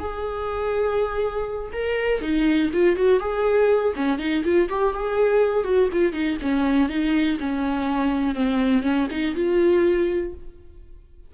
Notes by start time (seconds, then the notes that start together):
0.00 G#4
1.73 A#4
2.22 D#4
2.74 F4
2.97 F#4
3.20 G#4
3.96 C#4
4.19 D#4
4.45 F4
4.69 G4
4.94 G#4
5.65 F#4
5.93 F4
6.13 D#4
6.42 C#4
6.89 D#4
7.40 C#4
8.36 C4
8.83 C#4
9.11 D#4
9.36 F4